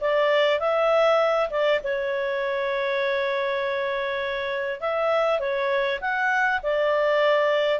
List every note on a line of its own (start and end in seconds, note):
0.00 0.59 D5
0.59 1.49 E5
1.49 1.79 D5
1.83 4.80 C#5
4.80 5.39 E5
5.39 5.99 C#5
6.00 6.60 F#5
6.62 7.79 D5